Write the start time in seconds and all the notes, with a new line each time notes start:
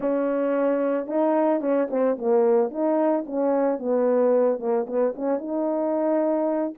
0.00 C#4
1.07 D#4
1.61 C#4
1.90 C4
2.18 A#3
2.70 D#4
3.26 C#4
3.78 B3
4.59 A#3
4.86 B3
5.15 C#4
5.38 D#4